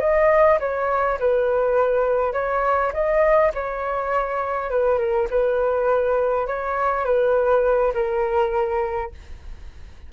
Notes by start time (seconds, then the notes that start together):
0.00 D#5
0.60 C#5
1.20 B4
2.33 C#5
2.93 D#5
3.55 C#5
4.71 B4
4.99 A#4
5.30 B4
6.47 C#5
7.05 B4
7.94 A#4